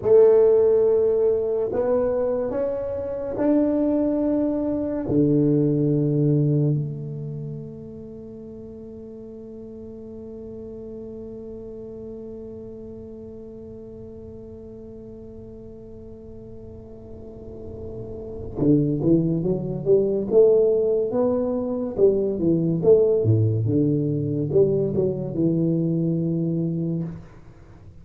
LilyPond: \new Staff \with { instrumentName = "tuba" } { \time 4/4 \tempo 4 = 71 a2 b4 cis'4 | d'2 d2 | a1~ | a1~ |
a1~ | a2 d8 e8 fis8 g8 | a4 b4 g8 e8 a8 a,8 | d4 g8 fis8 e2 | }